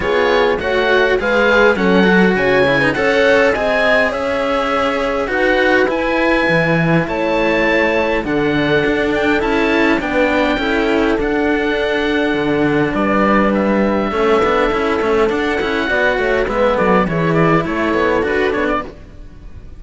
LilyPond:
<<
  \new Staff \with { instrumentName = "oboe" } { \time 4/4 \tempo 4 = 102 cis''4 fis''4 f''4 fis''4 | gis''4 fis''4 gis''4 e''4~ | e''4 fis''4 gis''2 | a''2 fis''4. g''8 |
a''4 g''2 fis''4~ | fis''2 d''4 e''4~ | e''2 fis''2 | e''8 d''8 cis''8 d''8 cis''4 b'8 cis''16 d''16 | }
  \new Staff \with { instrumentName = "horn" } { \time 4/4 gis'4 cis''4 b'4 a'4 | cis''8. b'16 cis''4 dis''4 cis''4~ | cis''4 b'2. | cis''2 a'2~ |
a'4 b'4 a'2~ | a'2 b'2 | a'2. d''8 cis''8 | b'8 a'8 gis'4 a'2 | }
  \new Staff \with { instrumentName = "cello" } { \time 4/4 f'4 fis'4 gis'4 cis'8 fis'8~ | fis'8 e'16 dis'16 a'4 gis'2~ | gis'4 fis'4 e'2~ | e'2 d'2 |
e'4 d'4 e'4 d'4~ | d'1 | cis'8 d'8 e'8 cis'8 d'8 e'8 fis'4 | b4 e'2 fis'8 d'8 | }
  \new Staff \with { instrumentName = "cello" } { \time 4/4 b4 a4 gis4 fis4 | cis4 cis'4 c'4 cis'4~ | cis'4 dis'4 e'4 e4 | a2 d4 d'4 |
cis'4 b4 cis'4 d'4~ | d'4 d4 g2 | a8 b8 cis'8 a8 d'8 cis'8 b8 a8 | gis8 fis8 e4 a8 b8 d'8 b8 | }
>>